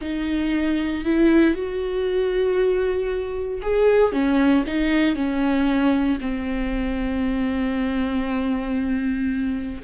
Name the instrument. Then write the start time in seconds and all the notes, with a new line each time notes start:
viola
0.01 D#4
1.04 E4
1.54 F#4
3.62 G#4
4.12 C#4
4.66 D#4
5.15 C#4
6.20 C4